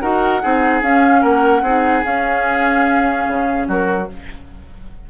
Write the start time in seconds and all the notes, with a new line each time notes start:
0.00 D#4 F#4 A#4 F#5
0.41 C4 D#4 G#4
0.82 C#4 F5
1.21 A#3 A#4 F#5
1.62 C4 D#4 G#4
2.03 C#4 F5
3.27 C#3
3.67 F#3 F#4 A#4